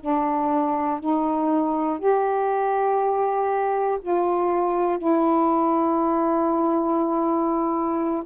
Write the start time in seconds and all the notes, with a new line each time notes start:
0.00 D4
1.00 D#4
1.99 G4
4.01 F4
4.98 E4